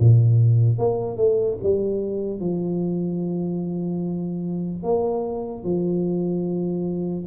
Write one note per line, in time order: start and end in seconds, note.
0.00 0.79 A#2
0.79 1.17 A#3
1.17 1.58 A3
1.63 2.40 G3
2.40 4.83 F3
4.83 5.64 A#3
5.64 7.26 F3